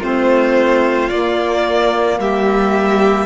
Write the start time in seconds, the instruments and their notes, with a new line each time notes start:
0.00 cello A3, saxophone C4, violin F4 C5
1.10 cello A#3, saxophone A#3, violin D5
2.19 cello G3, violin G4 E5